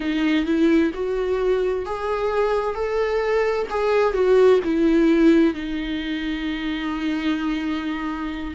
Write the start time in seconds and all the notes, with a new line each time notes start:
0.00 D#4
0.45 E4
0.94 F#4
1.85 G#4
2.74 A4
3.70 G#4
4.13 F#4
4.64 E4
5.54 D#4